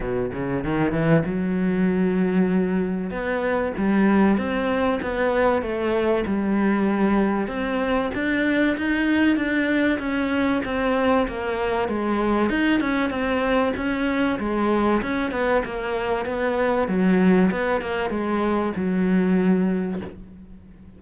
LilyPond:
\new Staff \with { instrumentName = "cello" } { \time 4/4 \tempo 4 = 96 b,8 cis8 dis8 e8 fis2~ | fis4 b4 g4 c'4 | b4 a4 g2 | c'4 d'4 dis'4 d'4 |
cis'4 c'4 ais4 gis4 | dis'8 cis'8 c'4 cis'4 gis4 | cis'8 b8 ais4 b4 fis4 | b8 ais8 gis4 fis2 | }